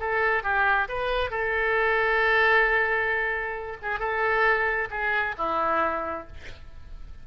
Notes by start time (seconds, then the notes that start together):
0.00 A4
0.44 G4
0.88 B4
1.31 A4
3.82 G#4
3.99 A4
4.91 G#4
5.38 E4